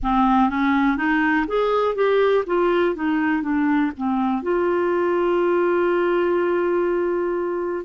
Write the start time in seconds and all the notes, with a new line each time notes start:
0.03 C4
0.49 C#4
0.97 D#4
1.47 G#4
1.94 G4
2.46 F4
2.95 D#4
3.42 D4
3.97 C4
4.42 F4